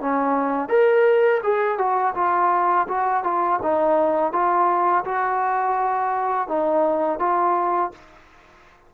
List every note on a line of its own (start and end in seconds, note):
0.00 0.68 C#4
0.68 1.41 A#4
1.43 1.77 G#4
1.77 2.14 F#4
2.14 2.87 F4
2.88 3.23 F#4
3.23 3.59 F4
3.62 4.32 D#4
4.32 5.04 F4
5.04 6.48 F#4
6.48 7.19 D#4
7.19 7.91 F4